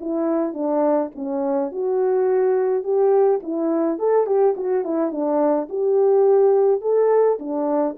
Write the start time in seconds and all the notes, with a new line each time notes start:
0.00 E4
0.53 D4
1.15 C#4
1.71 F#4
2.83 G4
3.43 E4
3.98 A4
4.26 G4
4.56 F#4
4.84 E4
5.11 D4
5.69 G4
6.81 A4
7.39 D4